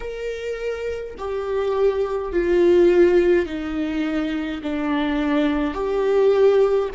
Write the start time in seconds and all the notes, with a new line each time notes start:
0.00 A#4
1.18 G4
2.32 F4
3.46 D#4
4.63 D4
5.74 G4